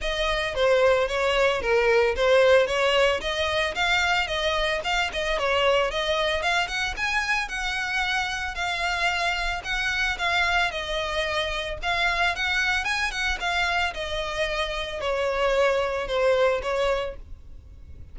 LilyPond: \new Staff \with { instrumentName = "violin" } { \time 4/4 \tempo 4 = 112 dis''4 c''4 cis''4 ais'4 | c''4 cis''4 dis''4 f''4 | dis''4 f''8 dis''8 cis''4 dis''4 | f''8 fis''8 gis''4 fis''2 |
f''2 fis''4 f''4 | dis''2 f''4 fis''4 | gis''8 fis''8 f''4 dis''2 | cis''2 c''4 cis''4 | }